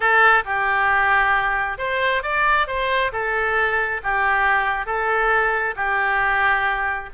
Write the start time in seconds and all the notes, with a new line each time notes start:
0.00 A4
0.44 G4
1.78 C5
2.23 D5
2.67 C5
3.12 A4
4.03 G4
4.85 A4
5.76 G4